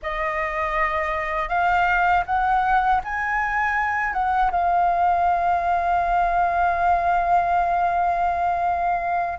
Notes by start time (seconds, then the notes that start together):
0.02 D#5
1.49 F5
2.26 F#5
3.03 G#5
4.13 F#5
4.51 F5